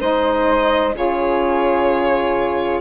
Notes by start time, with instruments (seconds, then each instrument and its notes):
0.00 bassoon G#3, saxophone D#4, flute C5, violin D#5
0.94 bassoon C#3, saxophone F4, flute G#4, violin C#5